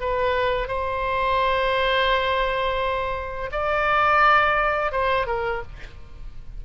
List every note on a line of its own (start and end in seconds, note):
0.00 0.68 B4
0.68 3.50 C5
3.52 4.92 D5
4.92 5.27 C5
5.27 5.62 A#4